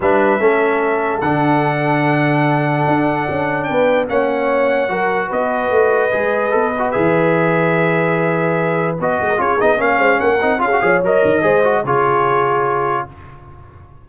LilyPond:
<<
  \new Staff \with { instrumentName = "trumpet" } { \time 4/4 \tempo 4 = 147 e''2. fis''4~ | fis''1~ | fis''4 g''4 fis''2~ | fis''4 dis''2.~ |
dis''4 e''2.~ | e''2 dis''4 cis''8 dis''8 | f''4 fis''4 f''4 dis''4~ | dis''4 cis''2. | }
  \new Staff \with { instrumentName = "horn" } { \time 4/4 b'4 a'2.~ | a'1~ | a'4 b'4 cis''2 | ais'4 b'2.~ |
b'1~ | b'2~ b'8. ais'16 gis'4 | cis''8 c''8 ais'4 gis'8 cis''4. | c''4 gis'2. | }
  \new Staff \with { instrumentName = "trombone" } { \time 4/4 d'4 cis'2 d'4~ | d'1~ | d'2 cis'2 | fis'2. gis'4 |
a'8 fis'8 gis'2.~ | gis'2 fis'4 f'8 dis'8 | cis'4. dis'8 f'16 fis'16 gis'8 ais'4 | gis'8 fis'8 f'2. | }
  \new Staff \with { instrumentName = "tuba" } { \time 4/4 g4 a2 d4~ | d2. d'4 | cis'4 b4 ais2 | fis4 b4 a4 gis4 |
b4 e2.~ | e2 b8 gis8 cis'8 b8 | ais8 gis8 ais8 c'8 cis'8 f8 fis8 dis8 | gis4 cis2. | }
>>